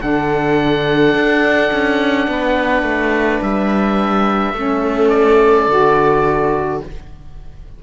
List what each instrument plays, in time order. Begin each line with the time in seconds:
0.00 cello D3, saxophone D4, viola A4, oboe F#5
1.14 cello D4
1.72 cello C#4
2.27 cello B3, viola B4
2.82 cello A3
3.42 cello G3, oboe E5
4.53 cello A3, saxophone C#4, viola A4
5.09 oboe D5
5.67 cello D3, saxophone F#4